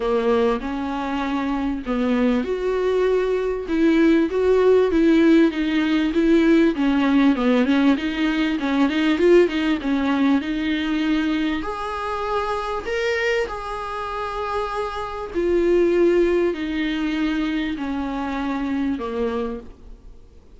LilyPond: \new Staff \with { instrumentName = "viola" } { \time 4/4 \tempo 4 = 98 ais4 cis'2 b4 | fis'2 e'4 fis'4 | e'4 dis'4 e'4 cis'4 | b8 cis'8 dis'4 cis'8 dis'8 f'8 dis'8 |
cis'4 dis'2 gis'4~ | gis'4 ais'4 gis'2~ | gis'4 f'2 dis'4~ | dis'4 cis'2 ais4 | }